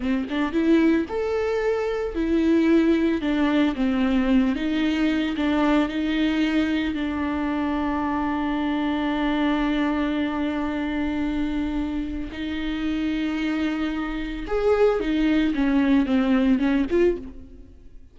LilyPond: \new Staff \with { instrumentName = "viola" } { \time 4/4 \tempo 4 = 112 c'8 d'8 e'4 a'2 | e'2 d'4 c'4~ | c'8 dis'4. d'4 dis'4~ | dis'4 d'2.~ |
d'1~ | d'2. dis'4~ | dis'2. gis'4 | dis'4 cis'4 c'4 cis'8 f'8 | }